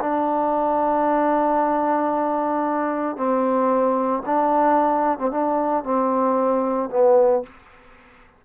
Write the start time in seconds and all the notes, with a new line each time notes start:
0.00 D4
3.16 C4
4.26 D4
5.19 C4
5.31 D4
5.84 C4
6.90 B3